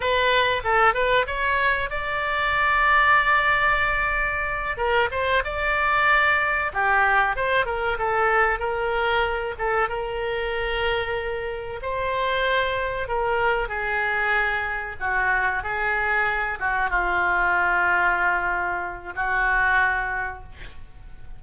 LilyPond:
\new Staff \with { instrumentName = "oboe" } { \time 4/4 \tempo 4 = 94 b'4 a'8 b'8 cis''4 d''4~ | d''2.~ d''8 ais'8 | c''8 d''2 g'4 c''8 | ais'8 a'4 ais'4. a'8 ais'8~ |
ais'2~ ais'8 c''4.~ | c''8 ais'4 gis'2 fis'8~ | fis'8 gis'4. fis'8 f'4.~ | f'2 fis'2 | }